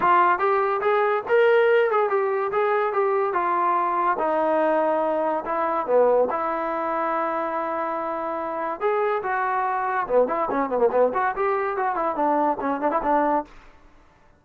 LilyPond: \new Staff \with { instrumentName = "trombone" } { \time 4/4 \tempo 4 = 143 f'4 g'4 gis'4 ais'4~ | ais'8 gis'8 g'4 gis'4 g'4 | f'2 dis'2~ | dis'4 e'4 b4 e'4~ |
e'1~ | e'4 gis'4 fis'2 | b8 e'8 cis'8 b16 ais16 b8 fis'8 g'4 | fis'8 e'8 d'4 cis'8 d'16 e'16 d'4 | }